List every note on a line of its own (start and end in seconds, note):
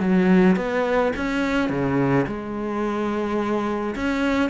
0.00 0.56 F#3
0.56 1.12 B3
1.16 1.69 C#4
1.69 2.25 C#3
2.27 3.95 G#3
3.95 4.49 C#4